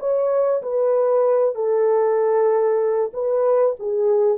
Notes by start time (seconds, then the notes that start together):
0.00 C#5
0.63 B4
1.56 A4
3.14 B4
3.80 G#4